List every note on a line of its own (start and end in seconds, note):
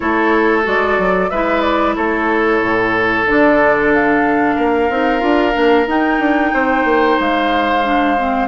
0.00 0.66 A3
0.00 0.63 E4
0.00 1.30 A4
0.00 0.64 C#5
0.63 0.98 G#3
0.63 1.28 F#4
0.63 1.29 D5
0.98 1.31 F#3
1.29 1.96 G#3
1.29 3.27 E4
1.29 1.95 B4
1.29 1.61 E5
1.61 1.93 D5
1.95 2.61 A3
1.95 4.55 A4
1.95 3.26 C#5
2.61 3.25 A2
3.25 4.56 D3
3.25 4.90 D4
3.25 3.92 D5
3.93 5.88 F5
4.55 4.89 A#3
4.55 6.51 A#4
4.89 5.22 C4
4.89 5.19 D#4
5.19 5.54 D4
5.19 5.52 F4
5.52 5.86 A#3
5.52 5.85 D4
5.86 6.19 D#4
5.86 7.84 D#4
5.86 7.19 G5
6.19 6.51 D4
6.53 6.84 C4
6.53 8.47 C5
6.84 7.17 A#3
7.19 8.47 G#3
7.19 8.47 F5
7.84 8.16 D4
8.17 8.47 C4